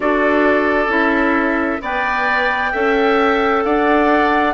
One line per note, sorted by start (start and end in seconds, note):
0.00 0.87 D4
0.00 0.87 F#4
0.00 1.81 A4
0.00 0.91 D5
0.87 1.78 C#4
0.87 1.79 E4
0.87 1.82 E5
1.81 2.72 B3
1.81 2.72 B4
1.81 2.71 D5
1.81 3.64 G5
2.71 3.64 C#4
2.71 4.54 A4
2.71 3.62 E5
3.64 4.54 D4
3.64 4.54 D5
3.64 4.54 F#5